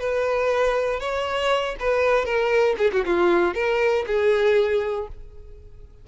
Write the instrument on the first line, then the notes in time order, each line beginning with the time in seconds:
violin
0.00 B4
1.00 C#5
1.80 B4
2.26 A#4
2.78 G#4
2.93 F#4
3.06 F4
3.55 A#4
4.07 G#4